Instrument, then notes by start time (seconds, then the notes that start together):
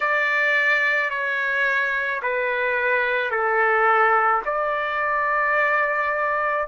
trumpet
0.00 D5
1.10 C#5
2.22 B4
3.30 A4
4.45 D5